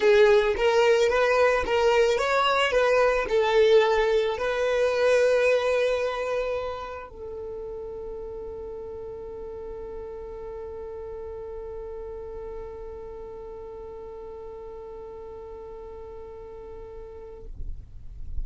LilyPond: \new Staff \with { instrumentName = "violin" } { \time 4/4 \tempo 4 = 110 gis'4 ais'4 b'4 ais'4 | cis''4 b'4 a'2 | b'1~ | b'4 a'2.~ |
a'1~ | a'1~ | a'1~ | a'1 | }